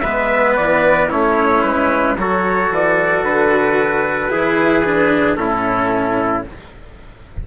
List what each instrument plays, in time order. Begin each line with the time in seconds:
0.00 bassoon G#3, cello B3, trumpet B4 E5
0.56 bassoon E3, trumpet D5
1.09 bassoon A3, cello C#4, trumpet E4 C#5
1.62 bassoon G#3, trumpet B4
2.17 bassoon F#3, cello F#4, trumpet A4 C#5
2.71 bassoon E3, trumpet D5
3.23 bassoon D3, trumpet B4
4.30 bassoon E3, cello E4, trumpet G#4
4.84 cello D4
5.36 bassoon A2, cello C#4, trumpet E4 A4